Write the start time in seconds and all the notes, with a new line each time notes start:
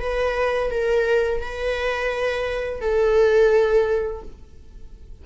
0.00 B4
0.71 A#4
1.41 B4
2.81 A4